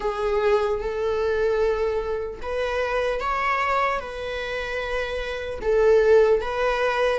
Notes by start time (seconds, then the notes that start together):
0.00 G#4
0.80 A4
2.42 B4
3.20 C#5
3.99 B4
5.61 A4
6.41 B4